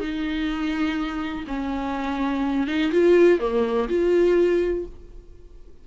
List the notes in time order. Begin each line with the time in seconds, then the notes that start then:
0.00 D#4
1.47 C#4
2.67 D#4
2.92 F4
3.40 A#3
3.88 F4